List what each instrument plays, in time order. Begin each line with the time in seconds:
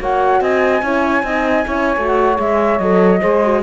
0.00 cello A#3, horn F#4, saxophone C#5, flute F#5
0.41 cello C4, saxophone D#5, flute G#5
0.82 cello C#4, horn E4, saxophone C#5
1.23 cello C4, horn D#4, saxophone D#5
1.66 cello C#4, horn E4, saxophone C#5
1.97 cello A3, horn F#4
2.07 flute F#5
2.36 cello G#3, horn G#4, flute E5
2.79 cello F#3, horn A4, flute D#5
3.21 cello G#3, horn G#4, saxophone C5
3.44 horn F#4